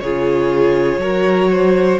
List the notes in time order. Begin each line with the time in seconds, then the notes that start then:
0.00 C#3 F4 G#4 C#5
0.97 F#3 F#4 A#4
1.51 C5